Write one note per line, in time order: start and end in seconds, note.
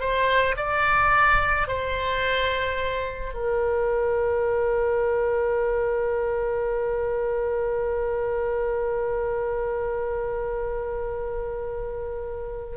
0.00 0.56 C5
0.57 1.68 D5
1.68 3.33 C5
3.33 12.76 A#4